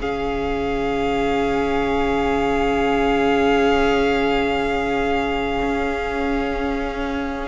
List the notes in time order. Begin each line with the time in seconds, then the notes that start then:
0.00 C#3 C#4 G#4 F5
5.63 C#4